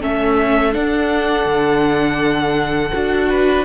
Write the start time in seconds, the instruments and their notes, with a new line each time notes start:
0.00 cello A3, viola C#4, violin A4 E5
0.72 viola D4, cello D4, violin F#5
1.45 cello D3
2.93 cello D4, viola F#4
3.29 violin B4